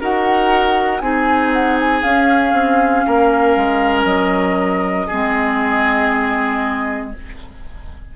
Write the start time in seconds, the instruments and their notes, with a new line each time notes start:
0.00 bassoon D#4, clarinet F#4, oboe A#4, flute F#5
0.99 bassoon C4, clarinet D#4, oboe G#4, flute G#5
1.53 flute F#5
1.80 flute G#5
2.02 clarinet C#4, bassoon C#4, flute F5
2.52 bassoon C4
3.07 bassoon A#3, oboe A#4
3.56 bassoon G#3
4.03 bassoon F#3, flute D#5
5.07 bassoon G#3, clarinet C4, oboe G#4